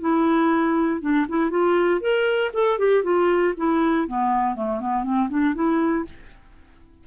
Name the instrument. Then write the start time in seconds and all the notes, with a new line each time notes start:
clarinet
0.00 E4
1.01 D4
1.28 E4
1.50 F4
2.00 A#4
2.53 A4
2.78 G4
3.03 F4
3.56 E4
4.07 B3
4.55 A3
4.80 B3
5.03 C4
5.29 D4
5.54 E4